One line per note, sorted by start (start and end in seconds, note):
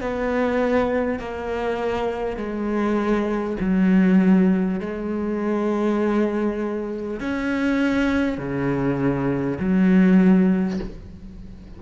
0.00 1.19 B3
1.19 2.36 A#3
2.36 3.56 G#3
3.59 4.79 F#3
4.80 7.19 G#3
7.19 8.38 C#4
8.38 9.58 C#3
9.59 10.79 F#3